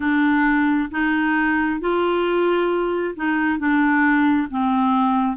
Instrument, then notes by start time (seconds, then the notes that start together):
clarinet
0.00 D4
0.91 D#4
1.80 F4
3.15 D#4
3.58 D4
4.50 C4